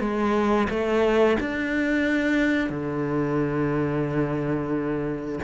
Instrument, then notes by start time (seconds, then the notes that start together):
cello
0.00 G#3
0.70 A3
1.40 D4
2.69 D3